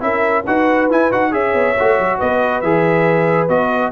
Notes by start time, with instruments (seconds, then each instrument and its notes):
0.00 tuba C#4, trombone E4, horn A#4, trumpet E5
0.43 tuba D#4, trombone F#4, horn B4, trumpet F#5
0.90 tuba E4, trombone E4, trumpet G#5
1.11 tuba D#4, trombone F#4, trumpet F#5
1.31 tuba C#4, trombone G#4, horn C#5, trumpet E5
1.54 tuba B3
1.78 tuba A3, trombone F#4
1.98 tuba F#3
2.17 tuba B3, horn B4, trumpet D#5
2.61 tuba E3, trombone G#4, trumpet E5
3.49 tuba B3, trombone F#4, trumpet D#5